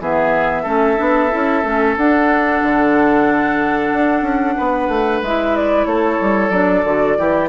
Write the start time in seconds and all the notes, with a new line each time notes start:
0.00 E3 B3 G#4 E5
0.63 A3 C#4 A4
0.97 B3 D4
1.30 C#4 E4
1.63 A3 C#4
1.97 D4 F#5
2.63 D3
3.93 D4
4.21 C#4
4.57 B3 B4
4.88 A3
5.22 G#3 E4 E5
5.56 D5
5.86 A3 A4 C#5
6.21 G3
6.50 F#3 D4 D5
6.84 D3 F#4
7.18 E3 E4 G4